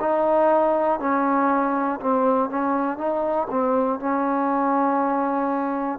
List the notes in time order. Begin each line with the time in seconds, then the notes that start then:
0.00 D#4
1.00 C#4
2.00 C4
2.50 C#4
2.98 D#4
3.50 C4
4.00 C#4